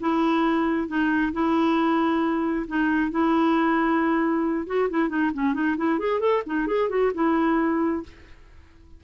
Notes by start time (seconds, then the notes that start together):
0.00 E4
0.88 D#4
1.33 E4
2.67 D#4
3.11 E4
4.67 F#4
4.89 E4
5.09 D#4
5.34 C#4
5.54 D#4
5.77 E4
5.99 G#4
6.20 A4
6.46 D#4
6.67 G#4
6.89 F#4
7.14 E4